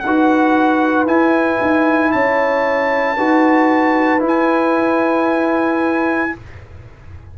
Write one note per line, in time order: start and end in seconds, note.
0.00 1.06 D#4
0.00 2.13 B4
0.00 1.05 F#5
0.07 1.07 F#4
1.06 1.58 E4
1.06 3.17 E4
1.06 2.12 G#5
1.61 2.14 D#4
2.12 3.18 C#4
2.12 3.17 C#5
2.12 4.22 A5
3.17 4.22 D#4
3.17 4.20 F#4
3.17 6.32 B4
4.20 6.30 E4
4.20 6.33 E4
4.27 6.38 G#5